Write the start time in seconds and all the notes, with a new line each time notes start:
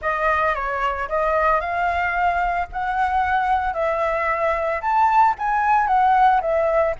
0.01 D#5
0.54 C#5
1.08 D#5
1.60 F5
2.72 F#5
3.73 E5
4.81 A5
5.38 G#5
5.87 F#5
6.41 E5